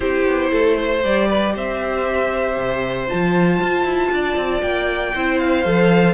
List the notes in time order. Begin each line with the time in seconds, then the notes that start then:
0.00 C4 E4 G4 C5
0.26 B3
0.51 A3 A4
0.76 C5
1.02 G3 G4 D5
1.27 B4
1.54 C4 C5 E5
2.57 C3
3.07 F3 F4 A5
3.61 F4
3.83 E4
4.11 D4 D5
4.36 C4
4.62 A#3 G5
5.15 C4 E4 C5
5.38 F5
5.65 F3 A4